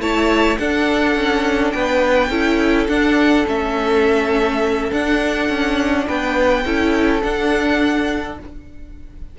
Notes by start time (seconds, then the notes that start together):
0.00 A3 E4 C#5 A5
0.58 D4 A4 F#5
1.16 C#4
1.72 B3 B4 G5
2.30 C#4 E4 A4
2.89 D4 F#5
3.47 A3 C#4 E5
4.91 D4 F#5
5.49 C#4
6.07 B3 B4 G5
6.66 C#4 E4 A4
7.22 D4 F#5